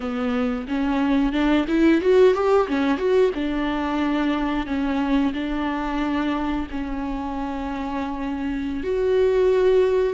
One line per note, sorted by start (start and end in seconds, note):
0.00 0.67 B3
0.68 1.32 C#4
1.32 1.65 D4
1.68 2.01 E4
2.01 2.33 F#4
2.33 2.67 G4
2.68 2.97 C#4
2.97 3.30 F#4
3.34 4.66 D4
4.66 5.32 C#4
5.33 6.66 D4
6.70 8.83 C#4
8.83 10.13 F#4